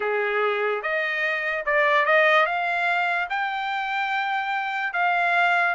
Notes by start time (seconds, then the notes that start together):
0.00 G#4
0.82 D#5
1.65 D5
2.05 D#5
2.46 F5
3.29 G5
4.93 F5